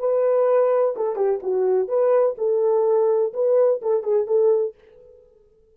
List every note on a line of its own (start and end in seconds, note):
0.00 0.95 B4
0.97 1.16 A4
1.16 1.40 G4
1.43 1.89 F#4
1.89 2.36 B4
2.38 3.33 A4
3.34 3.82 B4
3.82 4.04 A4
4.04 4.27 G#4
4.27 4.75 A4